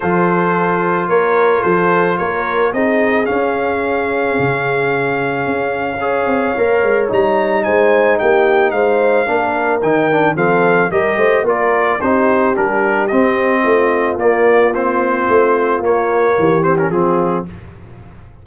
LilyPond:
<<
  \new Staff \with { instrumentName = "trumpet" } { \time 4/4 \tempo 4 = 110 c''2 cis''4 c''4 | cis''4 dis''4 f''2~ | f''1~ | f''4 ais''4 gis''4 g''4 |
f''2 g''4 f''4 | dis''4 d''4 c''4 ais'4 | dis''2 d''4 c''4~ | c''4 cis''4. c''16 ais'16 gis'4 | }
  \new Staff \with { instrumentName = "horn" } { \time 4/4 a'2 ais'4 a'4 | ais'4 gis'2.~ | gis'2. cis''4~ | cis''2 c''4 g'4 |
c''4 ais'2 a'4 | ais'8 c''8 ais'4 g'2~ | g'4 f'2.~ | f'2 g'4 f'4 | }
  \new Staff \with { instrumentName = "trombone" } { \time 4/4 f'1~ | f'4 dis'4 cis'2~ | cis'2. gis'4 | ais'4 dis'2.~ |
dis'4 d'4 dis'8 d'8 c'4 | g'4 f'4 dis'4 d'4 | c'2 ais4 c'4~ | c'4 ais4. c'16 cis'16 c'4 | }
  \new Staff \with { instrumentName = "tuba" } { \time 4/4 f2 ais4 f4 | ais4 c'4 cis'2 | cis2 cis'4. c'8 | ais8 gis8 g4 gis4 ais4 |
gis4 ais4 dis4 f4 | g8 a8 ais4 c'4 g4 | c'4 a4 ais2 | a4 ais4 e4 f4 | }
>>